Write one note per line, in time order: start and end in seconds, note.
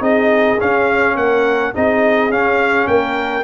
0.00 0.57 C4
0.00 0.57 D#4
0.00 1.15 G#4
0.00 0.60 D#5
0.59 1.73 C#4
0.59 1.15 C#4
0.59 1.16 F5
1.15 1.72 A#3
1.15 1.73 A#4
1.15 1.73 F#5
1.74 2.29 C4
1.74 2.31 D#4
1.74 2.89 G#4
1.74 2.31 D#5
2.29 2.86 C#4
2.29 3.43 C#4
2.29 2.87 F5
2.87 3.43 A#3
2.87 3.43 A#4
2.87 3.43 G5